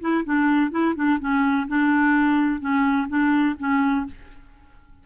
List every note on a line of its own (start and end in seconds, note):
0.00 0.24 E4
0.24 0.71 D4
0.71 0.94 E4
0.95 1.19 D4
1.19 1.67 C#4
1.68 2.60 D4
2.60 3.07 C#4
3.08 3.55 D4
3.59 4.06 C#4